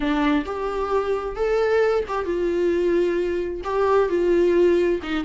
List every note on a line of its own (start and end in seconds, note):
0.00 0.44 D4
0.45 1.36 G4
1.36 2.04 A4
2.08 2.25 G4
2.25 3.61 F4
3.64 4.09 G4
4.09 5.00 F4
5.02 5.24 D#4